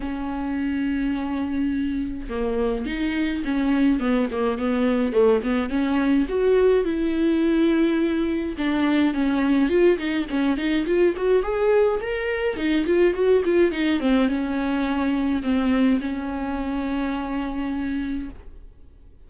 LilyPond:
\new Staff \with { instrumentName = "viola" } { \time 4/4 \tempo 4 = 105 cis'1 | ais4 dis'4 cis'4 b8 ais8 | b4 a8 b8 cis'4 fis'4 | e'2. d'4 |
cis'4 f'8 dis'8 cis'8 dis'8 f'8 fis'8 | gis'4 ais'4 dis'8 f'8 fis'8 f'8 | dis'8 c'8 cis'2 c'4 | cis'1 | }